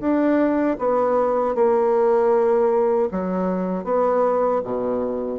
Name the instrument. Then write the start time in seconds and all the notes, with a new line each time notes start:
bassoon
0.00 D4
0.79 B3
1.55 A#3
3.12 F#3
3.84 B3
4.64 B2